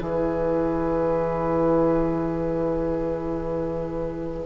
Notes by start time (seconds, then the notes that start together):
0.00 E3 E4 G#4 B4